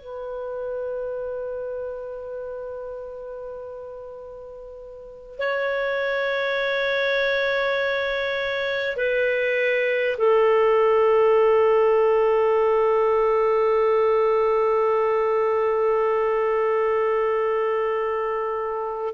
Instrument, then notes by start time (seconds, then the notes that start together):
clarinet
0.00 B4
5.38 C#5
8.97 B4
10.17 A4